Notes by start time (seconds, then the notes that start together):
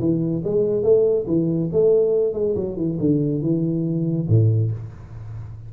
0.00 E3
0.44 G#3
0.83 A3
1.27 E3
1.72 A3
2.34 G#3
2.56 F#3
2.77 E3
3.00 D3
3.42 E3
4.29 A2